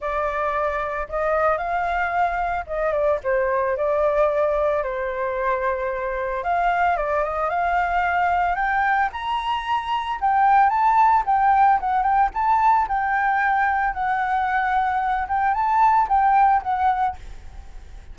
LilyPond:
\new Staff \with { instrumentName = "flute" } { \time 4/4 \tempo 4 = 112 d''2 dis''4 f''4~ | f''4 dis''8 d''8 c''4 d''4~ | d''4 c''2. | f''4 d''8 dis''8 f''2 |
g''4 ais''2 g''4 | a''4 g''4 fis''8 g''8 a''4 | g''2 fis''2~ | fis''8 g''8 a''4 g''4 fis''4 | }